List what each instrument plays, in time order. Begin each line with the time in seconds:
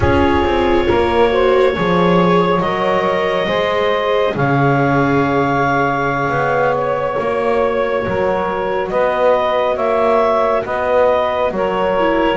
0.00 double bass C#4, viola F4, saxophone G#4, clarinet C#5
0.44 double bass C4
0.87 double bass A#3, saxophone A#4
1.29 viola F#4, saxophone C5
1.73 double bass F3, viola G#4, saxophone C#5
2.60 double bass F#3, viola A#4, clarinet D#5
3.47 double bass G#3, viola G#4, saxophone C5
4.35 double bass C#3, saxophone C#5, clarinet F5
6.29 double bass B3
6.77 clarinet C#5
7.16 double bass A#3, viola F#4
8.05 double bass F#3, saxophone A#4
8.89 double bass B3, saxophone B4, clarinet D#5
9.74 double bass A#3, saxophone C#5, clarinet E5
10.64 double bass B3, saxophone B4, clarinet D#5
11.51 double bass F#3, saxophone A#4, clarinet C#5
11.99 viola E4